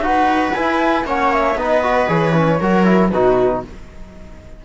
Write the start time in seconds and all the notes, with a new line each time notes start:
0.00 D#4 F#4 B4 F#5
0.54 E4 G#5
1.04 A#3 C#4 C#5 F#5
1.33 E5
1.56 B3 D#4 B4 D#5
1.83 F#4
2.09 E3 G#4 C#5
2.33 C#4
2.60 F#3 F#4 A#4
2.85 E4
3.10 B2 D#4 F#4 B4